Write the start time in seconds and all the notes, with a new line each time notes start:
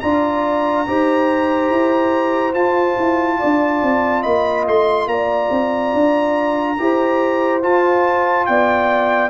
0.00 D4 F4 D5 A#5
0.87 D#4 G4 C5
1.70 E4
2.54 F4 A5
2.97 E4
3.39 D4 D5
3.82 C4
4.22 A#3 D#5 B5
4.67 A3 C6
5.07 A#3 D5 A#5
5.51 C4
5.94 D4
6.79 E4 G4 C5
7.62 F4 A5
8.46 B3 D5 G5